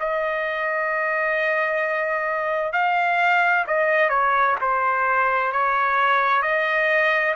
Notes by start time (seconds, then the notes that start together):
0.00 D#5
2.72 F5
3.67 D#5
4.10 C#5
4.61 C5
5.52 C#5
6.42 D#5